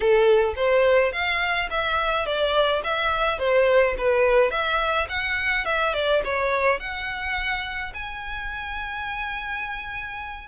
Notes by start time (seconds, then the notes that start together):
0.00 A4
0.56 C5
1.12 F5
1.70 E5
2.26 D5
2.83 E5
3.38 C5
3.98 B4
4.50 E5
5.08 F#5
5.65 E5
5.93 D5
6.24 C#5
6.79 F#5
7.93 G#5